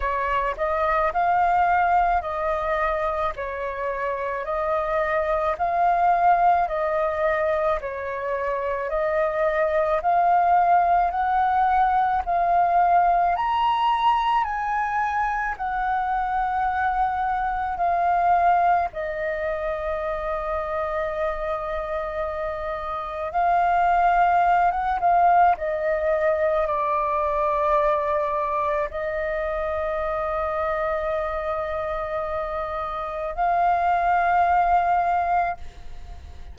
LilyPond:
\new Staff \with { instrumentName = "flute" } { \time 4/4 \tempo 4 = 54 cis''8 dis''8 f''4 dis''4 cis''4 | dis''4 f''4 dis''4 cis''4 | dis''4 f''4 fis''4 f''4 | ais''4 gis''4 fis''2 |
f''4 dis''2.~ | dis''4 f''4~ f''16 fis''16 f''8 dis''4 | d''2 dis''2~ | dis''2 f''2 | }